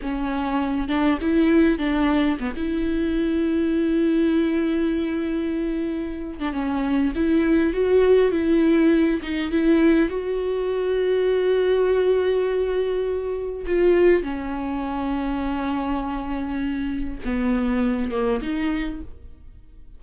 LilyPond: \new Staff \with { instrumentName = "viola" } { \time 4/4 \tempo 4 = 101 cis'4. d'8 e'4 d'4 | b16 e'2.~ e'8.~ | e'2~ e'8. d'16 cis'4 | e'4 fis'4 e'4. dis'8 |
e'4 fis'2.~ | fis'2. f'4 | cis'1~ | cis'4 b4. ais8 dis'4 | }